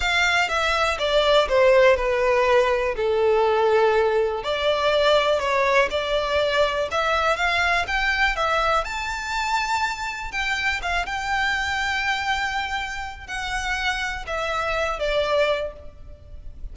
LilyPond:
\new Staff \with { instrumentName = "violin" } { \time 4/4 \tempo 4 = 122 f''4 e''4 d''4 c''4 | b'2 a'2~ | a'4 d''2 cis''4 | d''2 e''4 f''4 |
g''4 e''4 a''2~ | a''4 g''4 f''8 g''4.~ | g''2. fis''4~ | fis''4 e''4. d''4. | }